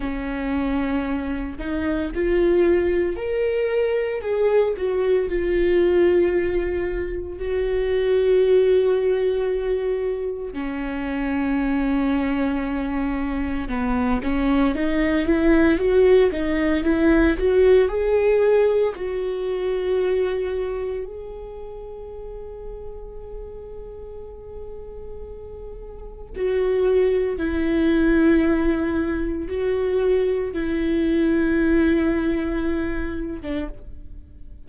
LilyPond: \new Staff \with { instrumentName = "viola" } { \time 4/4 \tempo 4 = 57 cis'4. dis'8 f'4 ais'4 | gis'8 fis'8 f'2 fis'4~ | fis'2 cis'2~ | cis'4 b8 cis'8 dis'8 e'8 fis'8 dis'8 |
e'8 fis'8 gis'4 fis'2 | gis'1~ | gis'4 fis'4 e'2 | fis'4 e'2~ e'8. d'16 | }